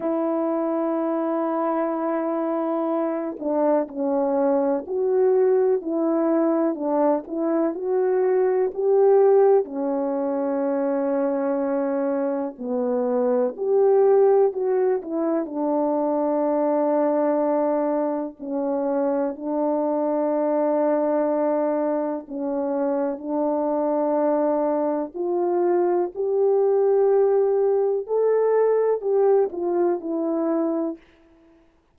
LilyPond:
\new Staff \with { instrumentName = "horn" } { \time 4/4 \tempo 4 = 62 e'2.~ e'8 d'8 | cis'4 fis'4 e'4 d'8 e'8 | fis'4 g'4 cis'2~ | cis'4 b4 g'4 fis'8 e'8 |
d'2. cis'4 | d'2. cis'4 | d'2 f'4 g'4~ | g'4 a'4 g'8 f'8 e'4 | }